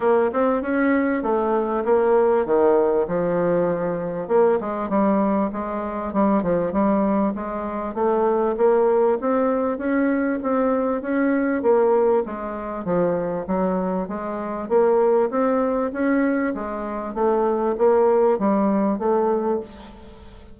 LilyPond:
\new Staff \with { instrumentName = "bassoon" } { \time 4/4 \tempo 4 = 98 ais8 c'8 cis'4 a4 ais4 | dis4 f2 ais8 gis8 | g4 gis4 g8 f8 g4 | gis4 a4 ais4 c'4 |
cis'4 c'4 cis'4 ais4 | gis4 f4 fis4 gis4 | ais4 c'4 cis'4 gis4 | a4 ais4 g4 a4 | }